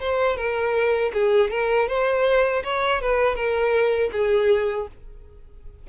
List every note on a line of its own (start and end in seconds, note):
0.00 0.36 C5
0.36 1.11 A#4
1.13 1.50 G#4
1.50 1.88 A#4
1.88 2.63 C5
2.64 3.01 C#5
3.01 3.35 B4
3.35 4.10 A#4
4.12 4.87 G#4